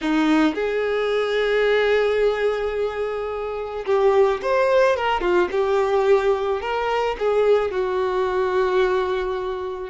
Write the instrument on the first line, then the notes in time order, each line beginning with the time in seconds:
violin
0.01 D#4
0.55 G#4
3.86 G4
4.42 C5
4.96 A#4
5.20 F4
5.51 G4
6.61 A#4
7.18 G#4
7.71 F#4